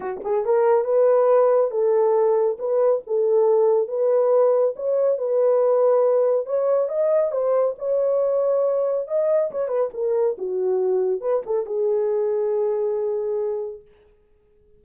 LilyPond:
\new Staff \with { instrumentName = "horn" } { \time 4/4 \tempo 4 = 139 fis'8 gis'8 ais'4 b'2 | a'2 b'4 a'4~ | a'4 b'2 cis''4 | b'2. cis''4 |
dis''4 c''4 cis''2~ | cis''4 dis''4 cis''8 b'8 ais'4 | fis'2 b'8 a'8 gis'4~ | gis'1 | }